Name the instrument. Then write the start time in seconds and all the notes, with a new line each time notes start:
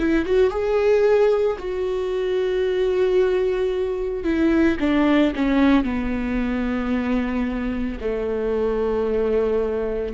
viola
0.00 E4
0.26 F#4
0.51 G#4
1.59 F#4
4.24 E4
4.80 D4
5.36 C#4
5.84 B3
8.01 A3